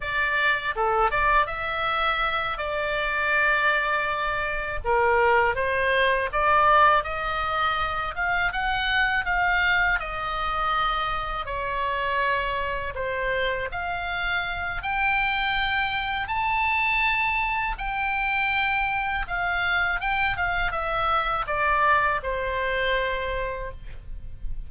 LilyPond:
\new Staff \with { instrumentName = "oboe" } { \time 4/4 \tempo 4 = 81 d''4 a'8 d''8 e''4. d''8~ | d''2~ d''8 ais'4 c''8~ | c''8 d''4 dis''4. f''8 fis''8~ | fis''8 f''4 dis''2 cis''8~ |
cis''4. c''4 f''4. | g''2 a''2 | g''2 f''4 g''8 f''8 | e''4 d''4 c''2 | }